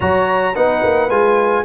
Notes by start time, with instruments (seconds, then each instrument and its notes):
0.00 tuba F#3, trombone F#4, horn C#5, trumpet A#5
0.55 tuba B3, trombone D#4, horn B4, trumpet F#5
0.83 tuba A#3
1.09 tuba G#3, trombone F4, trumpet G#5